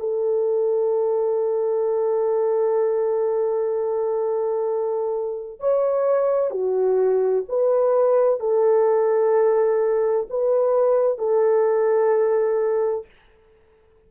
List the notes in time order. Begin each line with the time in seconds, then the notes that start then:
0.00 A4
5.60 C#5
6.51 F#4
7.49 B4
8.40 A4
10.30 B4
11.19 A4